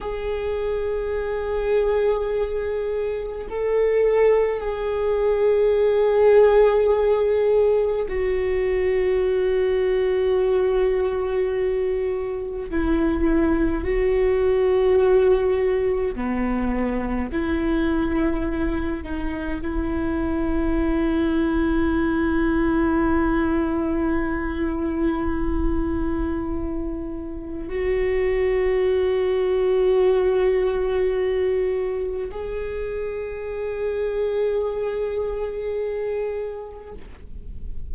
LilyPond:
\new Staff \with { instrumentName = "viola" } { \time 4/4 \tempo 4 = 52 gis'2. a'4 | gis'2. fis'4~ | fis'2. e'4 | fis'2 b4 e'4~ |
e'8 dis'8 e'2.~ | e'1 | fis'1 | gis'1 | }